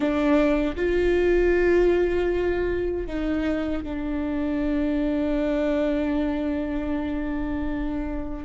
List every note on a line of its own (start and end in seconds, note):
0.00 0.75 D4
0.76 3.06 F4
3.07 3.83 D#4
3.83 8.44 D4